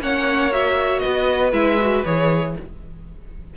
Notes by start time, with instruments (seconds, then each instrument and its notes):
0.00 cello A#3, viola C#4, violin C#5 F#5
0.52 viola F#4, violin E5
1.00 violin B4 D#5
1.06 cello B3
1.52 cello G#3, viola E4, violin E5
1.81 viola F#4
2.05 cello E3, viola G#4, violin C#5